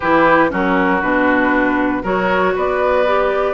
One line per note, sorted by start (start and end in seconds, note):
0.00 0.52 E3
0.00 0.49 E4
0.00 0.50 G4
0.00 0.50 B4
0.49 1.02 F#3
0.49 1.00 C#4
0.49 2.02 F#4
0.49 1.01 A#4
1.01 2.03 B2
1.01 2.03 D4
1.01 2.03 B4
2.02 2.54 F#3
2.02 3.05 F#4
2.02 2.53 A#4
2.02 2.55 C#5
2.55 3.53 B3
2.55 3.53 B4
2.55 3.53 D5
3.06 3.53 G4